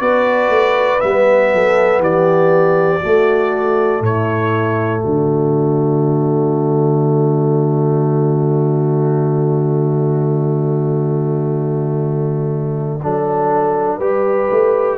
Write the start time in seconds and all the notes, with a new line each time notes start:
0.00 B3 F#4 B4 D5
0.49 A3
0.99 G3 B3 E5
1.53 F#3 A4
1.99 E3 G4 D5
3.00 A3 F#4
4.00 A2 E4 C#5
5.01 D3 F#4 D5
13.02 F#3 D4 A4
13.97 G3 G4 B4
14.50 A3